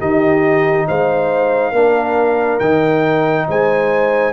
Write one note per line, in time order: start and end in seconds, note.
0.00 0.88 D#3
0.00 1.74 D#4
0.00 0.87 G4
0.00 0.88 D#5
0.88 1.73 G#3
0.88 1.72 C5
0.88 2.60 F5
1.72 2.60 A#3
1.72 2.61 D4
1.72 3.46 A#4
2.60 3.48 D#3
2.60 4.34 D#4
2.60 3.47 G5
3.49 4.34 G#3
3.49 4.34 C5
3.49 4.34 G#5